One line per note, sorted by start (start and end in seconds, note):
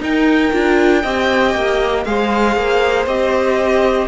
0.00 0.51 D#4
0.00 0.52 D#4
0.00 1.03 A#4
0.00 2.04 G5
0.52 1.04 D4
0.52 1.03 F4
1.03 1.55 C4
1.03 2.06 G4
1.03 2.04 D#5
1.55 2.06 A#3
2.04 2.56 G#3
2.04 3.08 G#4
2.04 4.08 C5
2.04 3.06 F5
2.56 3.07 A#3
3.07 4.08 C4
3.07 4.08 G4
3.07 4.08 D#5